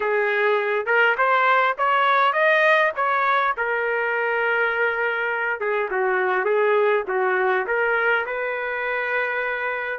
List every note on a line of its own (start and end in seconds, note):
0.00 0.86 G#4
0.86 1.15 A#4
1.17 1.76 C5
1.78 2.33 C#5
2.33 2.91 D#5
2.95 3.54 C#5
3.57 5.60 A#4
5.60 5.89 G#4
5.91 6.44 F#4
6.44 7.03 G#4
7.07 7.66 F#4
7.66 8.25 A#4
8.26 9.99 B4